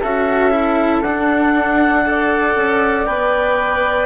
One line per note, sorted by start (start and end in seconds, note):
0.00 1.01 C#4
0.00 0.50 F#4
0.00 2.03 A4
0.00 1.02 E5
0.50 1.01 E4
1.01 2.54 D4
1.01 2.05 D4
1.01 3.05 F#5
2.05 3.07 A4
2.05 4.05 D5
2.55 3.06 C#4
3.06 4.05 B3
3.06 4.05 B4
3.06 4.05 G5